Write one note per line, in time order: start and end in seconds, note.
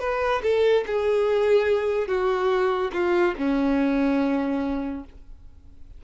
0.00 0.42 B4
0.43 0.84 A4
0.87 2.08 G#4
2.08 2.91 F#4
2.93 3.35 F4
3.38 5.05 C#4